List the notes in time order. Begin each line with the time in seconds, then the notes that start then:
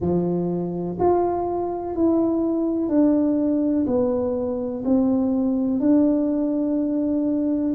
0.00 F3
0.99 F4
1.95 E4
2.88 D4
3.86 B3
4.84 C4
5.79 D4